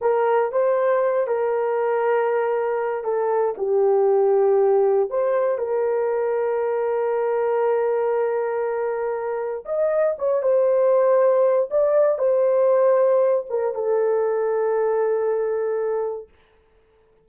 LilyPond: \new Staff \with { instrumentName = "horn" } { \time 4/4 \tempo 4 = 118 ais'4 c''4. ais'4.~ | ais'2 a'4 g'4~ | g'2 c''4 ais'4~ | ais'1~ |
ais'2. dis''4 | cis''8 c''2~ c''8 d''4 | c''2~ c''8 ais'8 a'4~ | a'1 | }